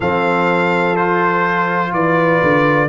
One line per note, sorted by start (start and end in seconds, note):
0.00 1.92 F3
0.00 0.97 C4
0.00 1.91 A4
0.00 0.96 F5
0.96 2.88 F4
0.96 1.93 C5
1.92 2.41 E3
1.92 2.88 B4
1.92 2.88 D5
2.42 2.88 D3